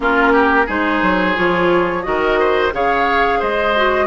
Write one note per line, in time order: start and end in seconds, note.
0.00 0.66 A#3
0.00 0.66 C#4
0.00 0.32 F4
0.00 0.68 A#4
0.32 0.66 G4
0.66 1.02 G#3
0.66 1.35 D#4
0.66 2.02 G#4
0.66 1.37 C5
1.02 1.36 F#3
1.35 2.06 F3
1.35 2.02 F4
1.35 2.03 C#5
2.02 2.73 D#3
2.02 2.70 F#4
2.02 2.39 A#4
2.02 2.71 D#5
2.39 2.73 C5
2.72 3.41 C#3
2.72 3.74 G#4
2.72 3.39 C#5
2.72 3.41 F5
3.39 4.06 G#3
3.39 4.06 C5
3.39 4.06 D#5
3.75 4.06 F#4